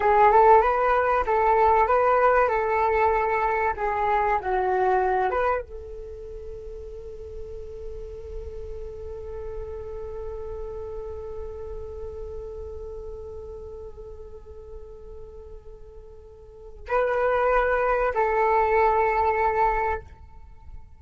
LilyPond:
\new Staff \with { instrumentName = "flute" } { \time 4/4 \tempo 4 = 96 gis'8 a'8 b'4 a'4 b'4 | a'2 gis'4 fis'4~ | fis'8 b'8 a'2.~ | a'1~ |
a'1~ | a'1~ | a'2. b'4~ | b'4 a'2. | }